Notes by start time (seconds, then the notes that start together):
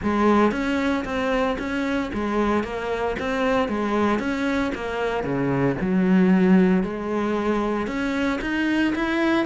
0.02 G#3
0.51 C#4
1.04 C4
1.58 C#4
2.13 G#3
2.63 A#3
3.19 C4
3.68 G#3
4.19 C#4
4.74 A#3
5.23 C#3
5.80 F#3
6.83 G#3
7.87 C#4
8.41 D#4
8.95 E4